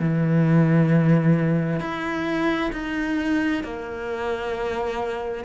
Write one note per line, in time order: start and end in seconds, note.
0.00 1.80 E3
1.80 2.71 E4
2.73 3.64 D#4
3.64 5.45 A#3